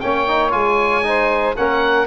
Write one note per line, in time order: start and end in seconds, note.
0.00 0.53 A#3
0.00 0.28 C#4
0.00 1.06 C#5
0.00 0.52 G5
0.28 0.51 D#4
0.51 1.57 G#3
0.51 1.02 F4
0.51 1.56 G#5
1.03 1.55 D#4
1.03 1.57 C5
1.57 2.07 A#3
1.57 2.07 C#4
1.57 2.07 A#4
1.57 2.07 F#5